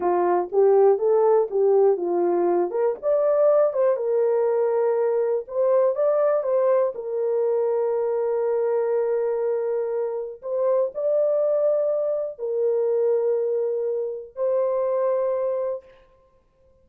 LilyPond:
\new Staff \with { instrumentName = "horn" } { \time 4/4 \tempo 4 = 121 f'4 g'4 a'4 g'4 | f'4. ais'8 d''4. c''8 | ais'2. c''4 | d''4 c''4 ais'2~ |
ais'1~ | ais'4 c''4 d''2~ | d''4 ais'2.~ | ais'4 c''2. | }